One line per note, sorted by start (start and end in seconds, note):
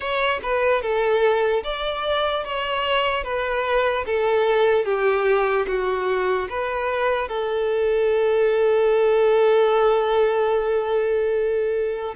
0.00 0.40 C#5
0.42 0.81 B4
0.81 1.63 A4
1.63 2.44 D5
2.44 3.23 C#5
3.23 4.04 B4
4.05 4.84 A4
4.84 5.65 G4
5.67 6.48 F#4
6.49 7.28 B4
7.28 12.14 A4